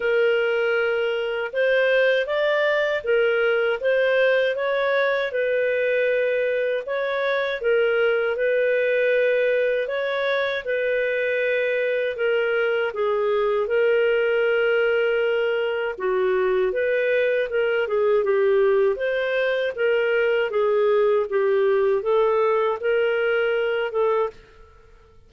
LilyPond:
\new Staff \with { instrumentName = "clarinet" } { \time 4/4 \tempo 4 = 79 ais'2 c''4 d''4 | ais'4 c''4 cis''4 b'4~ | b'4 cis''4 ais'4 b'4~ | b'4 cis''4 b'2 |
ais'4 gis'4 ais'2~ | ais'4 fis'4 b'4 ais'8 gis'8 | g'4 c''4 ais'4 gis'4 | g'4 a'4 ais'4. a'8 | }